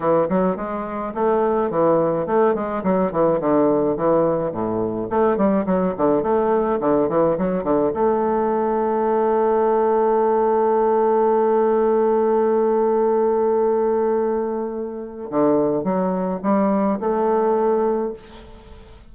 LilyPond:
\new Staff \with { instrumentName = "bassoon" } { \time 4/4 \tempo 4 = 106 e8 fis8 gis4 a4 e4 | a8 gis8 fis8 e8 d4 e4 | a,4 a8 g8 fis8 d8 a4 | d8 e8 fis8 d8 a2~ |
a1~ | a1~ | a2. d4 | fis4 g4 a2 | }